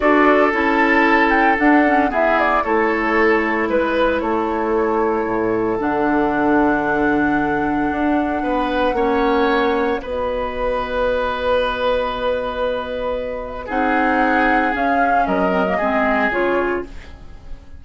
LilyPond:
<<
  \new Staff \with { instrumentName = "flute" } { \time 4/4 \tempo 4 = 114 d''4 a''4. g''8 fis''4 | e''8 d''8 cis''2 b'4 | cis''2. fis''4~ | fis''1~ |
fis''2. dis''4~ | dis''1~ | dis''2 fis''2 | f''4 dis''2 cis''4 | }
  \new Staff \with { instrumentName = "oboe" } { \time 4/4 a'1 | gis'4 a'2 b'4 | a'1~ | a'1 |
b'4 cis''2 b'4~ | b'1~ | b'2 gis'2~ | gis'4 ais'4 gis'2 | }
  \new Staff \with { instrumentName = "clarinet" } { \time 4/4 fis'4 e'2 d'8 cis'8 | b4 e'2.~ | e'2. d'4~ | d'1~ |
d'4 cis'2 fis'4~ | fis'1~ | fis'2 dis'2 | cis'4. c'16 ais16 c'4 f'4 | }
  \new Staff \with { instrumentName = "bassoon" } { \time 4/4 d'4 cis'2 d'4 | e'4 a2 gis4 | a2 a,4 d4~ | d2. d'4 |
b4 ais2 b4~ | b1~ | b2 c'2 | cis'4 fis4 gis4 cis4 | }
>>